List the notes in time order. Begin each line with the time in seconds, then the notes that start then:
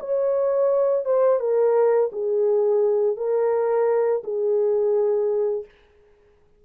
0.00 C#5
1.05 C5
1.40 A#4
2.12 G#4
3.17 A#4
4.24 G#4